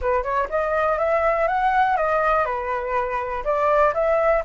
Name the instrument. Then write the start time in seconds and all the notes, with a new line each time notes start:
flute
0.01 B4
0.23 C#5
0.49 D#5
0.98 E5
1.47 F#5
1.96 D#5
2.45 B4
3.44 D5
3.93 E5